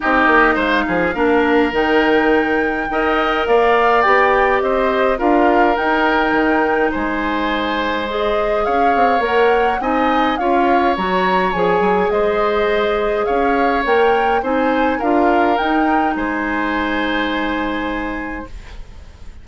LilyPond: <<
  \new Staff \with { instrumentName = "flute" } { \time 4/4 \tempo 4 = 104 dis''4 f''2 g''4~ | g''2 f''4 g''4 | dis''4 f''4 g''2 | gis''2 dis''4 f''4 |
fis''4 gis''4 f''4 ais''4 | gis''4 dis''2 f''4 | g''4 gis''4 f''4 g''4 | gis''1 | }
  \new Staff \with { instrumentName = "oboe" } { \time 4/4 g'4 c''8 gis'8 ais'2~ | ais'4 dis''4 d''2 | c''4 ais'2. | c''2. cis''4~ |
cis''4 dis''4 cis''2~ | cis''4 c''2 cis''4~ | cis''4 c''4 ais'2 | c''1 | }
  \new Staff \with { instrumentName = "clarinet" } { \time 4/4 dis'2 d'4 dis'4~ | dis'4 ais'2 g'4~ | g'4 f'4 dis'2~ | dis'2 gis'2 |
ais'4 dis'4 f'4 fis'4 | gis'1 | ais'4 dis'4 f'4 dis'4~ | dis'1 | }
  \new Staff \with { instrumentName = "bassoon" } { \time 4/4 c'8 ais8 gis8 f8 ais4 dis4~ | dis4 dis'4 ais4 b4 | c'4 d'4 dis'4 dis4 | gis2. cis'8 c'8 |
ais4 c'4 cis'4 fis4 | f8 fis8 gis2 cis'4 | ais4 c'4 d'4 dis'4 | gis1 | }
>>